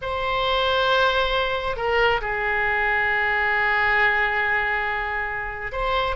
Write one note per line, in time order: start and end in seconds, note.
0.01 1.76 C5
1.76 2.20 A#4
2.21 5.72 G#4
5.72 6.15 C5